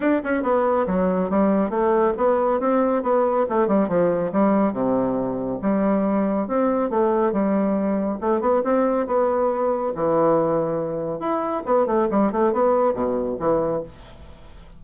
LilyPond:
\new Staff \with { instrumentName = "bassoon" } { \time 4/4 \tempo 4 = 139 d'8 cis'8 b4 fis4 g4 | a4 b4 c'4 b4 | a8 g8 f4 g4 c4~ | c4 g2 c'4 |
a4 g2 a8 b8 | c'4 b2 e4~ | e2 e'4 b8 a8 | g8 a8 b4 b,4 e4 | }